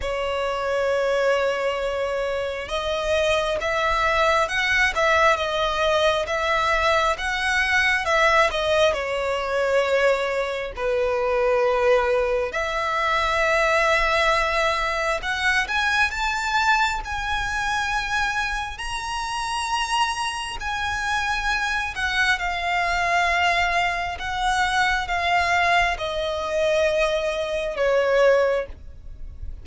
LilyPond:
\new Staff \with { instrumentName = "violin" } { \time 4/4 \tempo 4 = 67 cis''2. dis''4 | e''4 fis''8 e''8 dis''4 e''4 | fis''4 e''8 dis''8 cis''2 | b'2 e''2~ |
e''4 fis''8 gis''8 a''4 gis''4~ | gis''4 ais''2 gis''4~ | gis''8 fis''8 f''2 fis''4 | f''4 dis''2 cis''4 | }